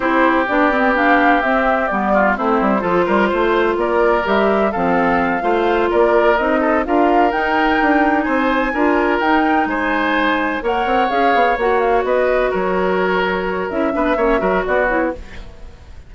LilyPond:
<<
  \new Staff \with { instrumentName = "flute" } { \time 4/4 \tempo 4 = 127 c''4 d''4 f''4 e''4 | d''4 c''2. | d''4 e''4 f''2~ | f''8 d''4 dis''4 f''4 g''8~ |
g''4. gis''2 g''8~ | g''8 gis''2 fis''4 f''8~ | f''8 fis''8 f''8 dis''4 cis''4.~ | cis''4 e''2 d''8 cis''8 | }
  \new Staff \with { instrumentName = "oboe" } { \time 4/4 g'1~ | g'8 f'8 e'4 a'8 ais'8 c''4 | ais'2 a'4. c''8~ | c''8 ais'4. a'8 ais'4.~ |
ais'4. c''4 ais'4.~ | ais'8 c''2 cis''4.~ | cis''4. b'4 ais'4.~ | ais'4. b'8 cis''8 ais'8 fis'4 | }
  \new Staff \with { instrumentName = "clarinet" } { \time 4/4 e'4 d'8 c'8 d'4 c'4 | b4 c'4 f'2~ | f'4 g'4 c'4. f'8~ | f'4. dis'4 f'4 dis'8~ |
dis'2~ dis'8 f'4 dis'8~ | dis'2~ dis'8 ais'4 gis'8~ | gis'8 fis'2.~ fis'8~ | fis'4 e'8 d'8 cis'8 fis'4 e'8 | }
  \new Staff \with { instrumentName = "bassoon" } { \time 4/4 c'4 b2 c'4 | g4 a8 g8 f8 g8 a4 | ais4 g4 f4. a8~ | a8 ais4 c'4 d'4 dis'8~ |
dis'8 d'4 c'4 d'4 dis'8~ | dis'8 gis2 ais8 c'8 cis'8 | b8 ais4 b4 fis4.~ | fis4 cis'8 b8 ais8 fis8 b4 | }
>>